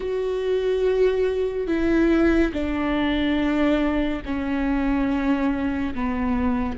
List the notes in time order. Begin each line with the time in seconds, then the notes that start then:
0.00 F#4
1.67 E4
2.52 D4
4.25 C#4
5.94 B3